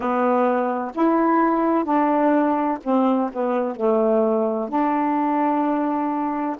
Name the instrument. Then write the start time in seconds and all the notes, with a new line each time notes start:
saxophone
0.00 B3
0.94 E4
1.84 D4
2.83 C4
3.32 B3
3.76 A3
4.69 D4